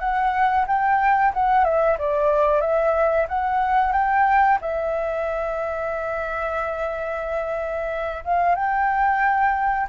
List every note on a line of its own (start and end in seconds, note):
0.00 0.66 F#5
0.67 1.33 G5
1.34 1.65 F#5
1.65 1.98 E5
1.98 2.61 D5
2.61 3.27 E5
3.29 3.93 F#5
3.93 4.59 G5
4.62 8.24 E5
8.25 8.55 F5
8.55 9.87 G5